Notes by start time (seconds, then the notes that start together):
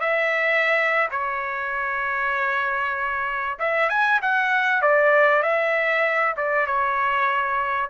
0.00 E5
1.11 C#5
3.59 E5
3.89 G#5
4.21 F#5
4.82 D5
5.43 E5
6.36 D5
6.66 C#5